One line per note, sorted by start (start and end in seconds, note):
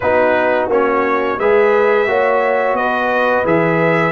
0.00 0.68 B3
0.00 0.70 D#4
0.00 1.39 F#4
0.00 0.68 B4
0.68 1.36 A#3
0.68 1.39 C#4
0.68 1.39 C#5
1.39 2.07 G#3
1.39 2.07 G#4
1.39 2.08 B4
1.39 2.76 E5
2.07 2.73 A#3
2.07 3.45 F#4
2.07 2.76 C#5
2.73 3.42 B3
2.73 4.12 B4
2.73 3.45 D#5
3.45 4.12 E3
3.45 4.12 G#4
3.45 4.12 E5